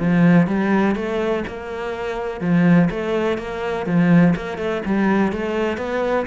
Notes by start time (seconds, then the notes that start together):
0.00 F3
0.48 G3
0.96 A3
1.48 A#3
2.41 F3
2.91 A3
3.38 A#3
3.87 F3
4.36 A#3
4.58 A3
4.86 G3
5.33 A3
5.78 B3